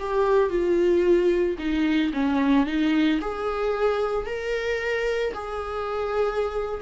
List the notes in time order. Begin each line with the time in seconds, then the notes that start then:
0.00 G4
0.50 F4
1.59 D#4
2.14 C#4
2.67 D#4
3.21 G#4
4.27 A#4
5.34 G#4